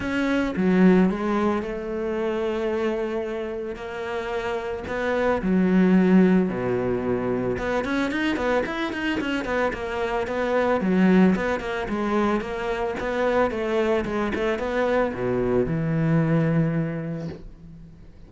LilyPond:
\new Staff \with { instrumentName = "cello" } { \time 4/4 \tempo 4 = 111 cis'4 fis4 gis4 a4~ | a2. ais4~ | ais4 b4 fis2 | b,2 b8 cis'8 dis'8 b8 |
e'8 dis'8 cis'8 b8 ais4 b4 | fis4 b8 ais8 gis4 ais4 | b4 a4 gis8 a8 b4 | b,4 e2. | }